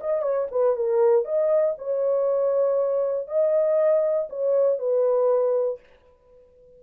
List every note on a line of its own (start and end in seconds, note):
0.00 0.22 D#5
0.22 0.47 C#5
0.51 0.76 B4
0.76 1.24 A#4
1.24 1.75 D#5
1.78 3.28 C#5
3.28 4.28 D#5
4.29 4.79 C#5
4.79 5.79 B4